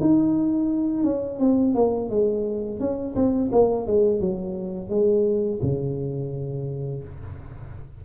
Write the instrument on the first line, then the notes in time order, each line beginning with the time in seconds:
tuba
0.00 D#4
1.04 C#4
1.39 C4
1.75 A#3
2.10 G#3
2.79 C#4
3.15 C4
3.52 A#3
3.86 G#3
4.20 F#3
4.89 G#3
5.62 C#3